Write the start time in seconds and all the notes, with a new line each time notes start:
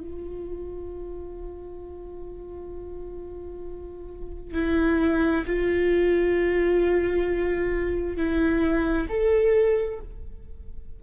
0.00 F4
4.54 E4
5.46 F4
8.17 E4
9.09 A4